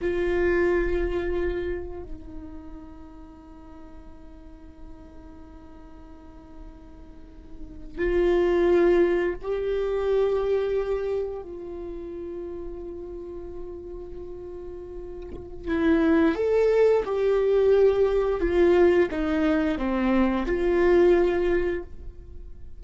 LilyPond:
\new Staff \with { instrumentName = "viola" } { \time 4/4 \tempo 4 = 88 f'2. dis'4~ | dis'1~ | dis'2.~ dis'8. f'16~ | f'4.~ f'16 g'2~ g'16~ |
g'8. f'2.~ f'16~ | f'2. e'4 | a'4 g'2 f'4 | dis'4 c'4 f'2 | }